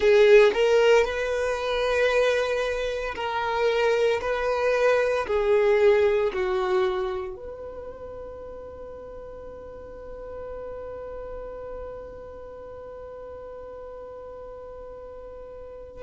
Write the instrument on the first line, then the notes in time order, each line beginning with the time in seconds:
violin
0.00 G#4
0.53 A#4
1.04 B4
3.15 A#4
4.21 B4
5.27 G#4
6.33 F#4
7.36 B4